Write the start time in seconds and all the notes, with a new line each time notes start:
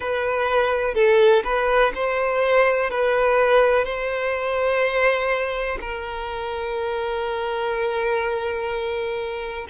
0.00 B4
0.94 A4
1.44 B4
1.94 C5
2.90 B4
3.84 C5
5.80 A#4